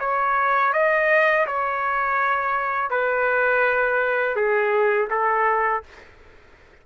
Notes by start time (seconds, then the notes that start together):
0.00 C#5
0.74 D#5
1.47 C#5
2.91 B4
4.36 G#4
5.11 A4